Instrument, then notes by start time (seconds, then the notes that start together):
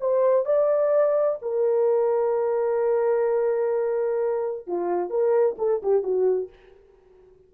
horn
0.00 C5
0.45 D5
1.41 A#4
4.67 F4
5.09 A#4
5.58 A4
5.82 G4
6.03 F#4